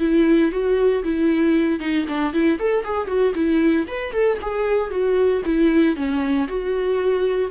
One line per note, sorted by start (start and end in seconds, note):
0.00 0.52 E4
0.52 1.03 F#4
1.04 1.80 E4
1.80 2.06 D#4
2.09 2.33 D4
2.33 2.59 E4
2.60 2.85 A4
2.85 3.08 G#4
3.08 3.34 F#4
3.35 3.87 E4
3.88 4.13 B4
4.13 4.38 A4
4.42 4.91 G#4
4.91 5.42 F#4
5.45 5.96 E4
5.96 6.48 C#4
6.48 7.51 F#4